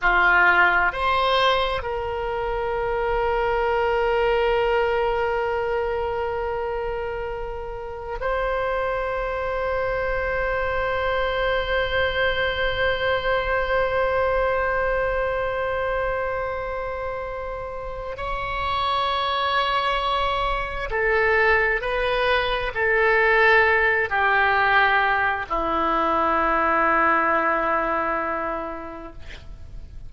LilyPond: \new Staff \with { instrumentName = "oboe" } { \time 4/4 \tempo 4 = 66 f'4 c''4 ais'2~ | ais'1~ | ais'4 c''2.~ | c''1~ |
c''1 | cis''2. a'4 | b'4 a'4. g'4. | e'1 | }